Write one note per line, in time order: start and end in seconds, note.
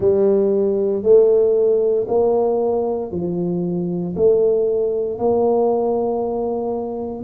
0.00 1.03 G3
1.03 2.06 A3
2.07 3.11 A#3
3.11 4.14 F3
4.16 5.18 A3
5.18 7.24 A#3